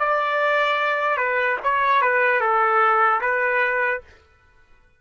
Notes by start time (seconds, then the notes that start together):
0.00 D5
1.17 B4
1.63 C#5
2.02 B4
2.41 A4
3.21 B4